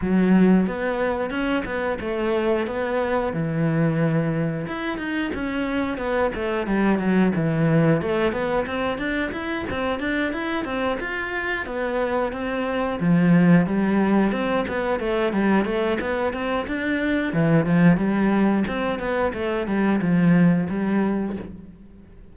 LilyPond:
\new Staff \with { instrumentName = "cello" } { \time 4/4 \tempo 4 = 90 fis4 b4 cis'8 b8 a4 | b4 e2 e'8 dis'8 | cis'4 b8 a8 g8 fis8 e4 | a8 b8 c'8 d'8 e'8 c'8 d'8 e'8 |
c'8 f'4 b4 c'4 f8~ | f8 g4 c'8 b8 a8 g8 a8 | b8 c'8 d'4 e8 f8 g4 | c'8 b8 a8 g8 f4 g4 | }